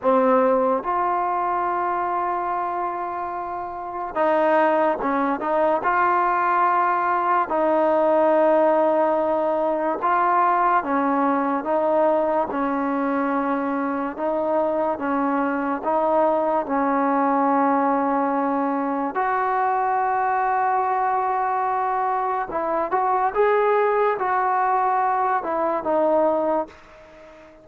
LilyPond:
\new Staff \with { instrumentName = "trombone" } { \time 4/4 \tempo 4 = 72 c'4 f'2.~ | f'4 dis'4 cis'8 dis'8 f'4~ | f'4 dis'2. | f'4 cis'4 dis'4 cis'4~ |
cis'4 dis'4 cis'4 dis'4 | cis'2. fis'4~ | fis'2. e'8 fis'8 | gis'4 fis'4. e'8 dis'4 | }